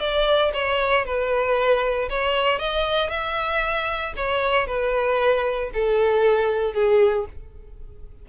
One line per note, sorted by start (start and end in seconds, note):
0.00 0.52 D5
0.53 1.05 C#5
1.05 2.09 B4
2.09 2.59 C#5
2.59 3.10 D#5
3.10 4.13 E5
4.17 4.67 C#5
4.67 5.70 B4
5.73 6.74 A4
6.74 7.26 G#4